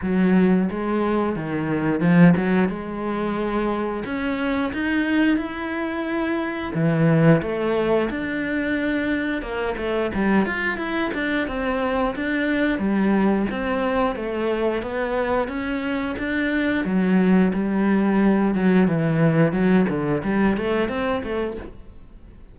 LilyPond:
\new Staff \with { instrumentName = "cello" } { \time 4/4 \tempo 4 = 89 fis4 gis4 dis4 f8 fis8 | gis2 cis'4 dis'4 | e'2 e4 a4 | d'2 ais8 a8 g8 f'8 |
e'8 d'8 c'4 d'4 g4 | c'4 a4 b4 cis'4 | d'4 fis4 g4. fis8 | e4 fis8 d8 g8 a8 c'8 a8 | }